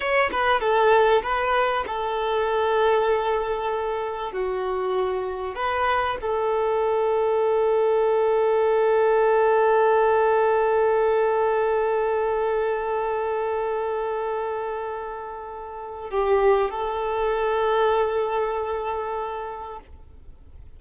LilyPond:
\new Staff \with { instrumentName = "violin" } { \time 4/4 \tempo 4 = 97 cis''8 b'8 a'4 b'4 a'4~ | a'2. fis'4~ | fis'4 b'4 a'2~ | a'1~ |
a'1~ | a'1~ | a'2 g'4 a'4~ | a'1 | }